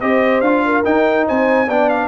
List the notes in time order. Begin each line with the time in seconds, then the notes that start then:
0.00 C4 G4 C5 D#5
0.40 D4 F4 F5
0.65 A#4
0.84 D#4 G5
1.27 C4 C5 G#5
1.67 B3 D4 D5 G5
1.89 F5